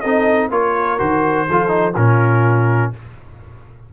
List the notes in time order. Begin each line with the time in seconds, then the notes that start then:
0.00 C4 D#4 A4 D#5
0.50 A#3 F4 A#4 C#5
0.98 D#3 F#4 C5
1.48 F3 F4 A4
1.68 D#4
1.96 A#2 C#4 F4 A#4